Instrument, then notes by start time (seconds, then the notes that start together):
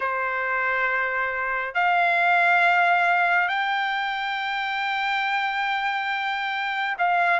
trumpet
0.00 C5
1.74 F5
3.48 G5
6.98 F5